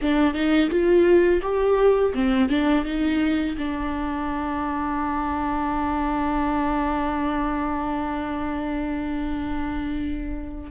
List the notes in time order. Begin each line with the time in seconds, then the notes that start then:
0.01 D4
0.33 D#4
0.69 F4
1.42 G4
2.14 C4
2.49 D4
2.84 D#4
3.58 D4